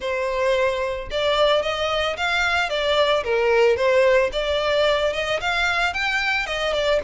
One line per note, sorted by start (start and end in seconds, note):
0.00 1.09 C5
1.11 1.62 D5
1.62 2.16 D#5
2.16 2.69 F5
2.69 3.23 D5
3.24 3.76 A#4
3.76 4.30 C5
4.32 5.13 D5
5.13 5.40 D#5
5.40 5.93 F5
5.93 6.46 G5
6.46 6.73 D#5
6.73 7.00 D5